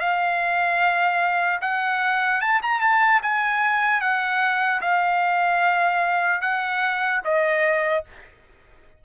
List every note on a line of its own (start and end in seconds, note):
0.00 1.60 F5
1.61 2.41 F#5
2.41 2.61 A5
2.63 2.81 A#5
2.81 3.21 A5
3.23 4.01 G#5
4.01 4.81 F#5
4.81 6.41 F5
6.41 7.21 F#5
7.25 8.05 D#5